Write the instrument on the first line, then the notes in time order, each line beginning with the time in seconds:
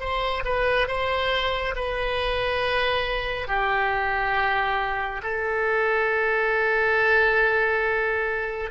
oboe
0.00 C5
0.45 B4
0.88 C5
1.76 B4
3.48 G4
5.23 A4